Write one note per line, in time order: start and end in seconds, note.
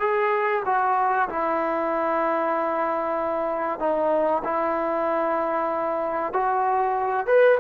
0.00 0.63 G#4
0.65 1.29 F#4
1.29 3.80 E4
3.80 4.43 D#4
4.44 6.33 E4
6.33 7.27 F#4
7.27 7.58 B4